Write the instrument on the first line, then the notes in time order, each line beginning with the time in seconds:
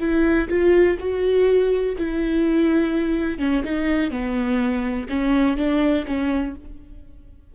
viola
0.00 E4
0.49 F4
1.00 F#4
1.98 E4
3.39 C#4
3.64 D#4
4.11 B3
5.09 C#4
5.57 D4
6.07 C#4